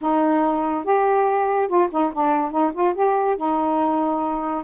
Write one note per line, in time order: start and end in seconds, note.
0.01 0.84 D#4
0.84 1.67 G4
1.67 1.89 F4
1.91 2.12 D#4
2.13 2.51 D4
2.51 2.72 D#4
2.73 2.94 F4
2.94 3.36 G4
3.36 4.63 D#4